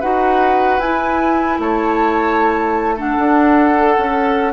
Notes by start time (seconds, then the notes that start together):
0.00 D#4 F#4 B4 F#5
0.79 E4 G#5
1.59 A3 C#5 A5
2.95 D4 A4 F#5
3.18 D4
3.77 A4
3.98 C#4